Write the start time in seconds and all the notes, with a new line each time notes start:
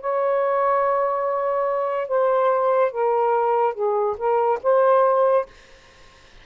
0.00 C#5
2.08 C5
2.91 A#4
3.74 G#4
4.17 A#4
4.62 C5